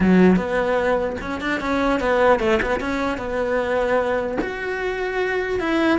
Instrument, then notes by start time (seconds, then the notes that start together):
cello
0.00 F#3
0.36 B3
1.21 C#4
1.40 D4
1.60 C#4
2.00 B3
2.39 A3
2.61 B3
2.80 C#4
3.17 B3
4.41 F#4
5.59 E4